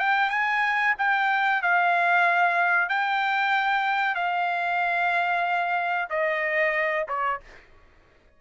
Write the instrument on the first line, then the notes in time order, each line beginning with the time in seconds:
trumpet
0.00 G5
0.30 G#5
0.98 G5
1.62 F5
2.89 G5
4.16 F5
6.10 D#5
7.08 C#5